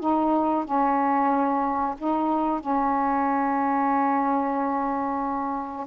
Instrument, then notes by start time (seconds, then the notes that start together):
saxophone
0.00 D#4
0.65 C#4
1.98 D#4
2.60 C#4